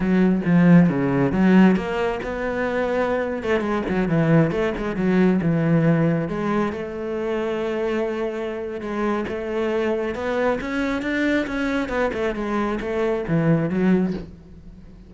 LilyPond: \new Staff \with { instrumentName = "cello" } { \time 4/4 \tempo 4 = 136 fis4 f4 cis4 fis4 | ais4 b2~ b8. a16~ | a16 gis8 fis8 e4 a8 gis8 fis8.~ | fis16 e2 gis4 a8.~ |
a1 | gis4 a2 b4 | cis'4 d'4 cis'4 b8 a8 | gis4 a4 e4 fis4 | }